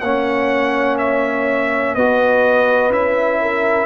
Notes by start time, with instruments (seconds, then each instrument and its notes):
0.00 tuba A#3, trombone C#4, horn C#5, trumpet F#5
0.98 trumpet E5
1.95 tuba B3, trombone F#4, horn B4, trumpet D#5
2.89 tuba C#4, trombone E4, trumpet E5
3.41 horn A#4